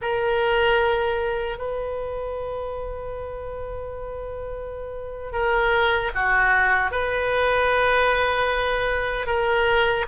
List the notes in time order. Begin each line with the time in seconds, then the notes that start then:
0.01 A#4
1.58 B4
5.32 A#4
6.14 F#4
6.91 B4
9.26 A#4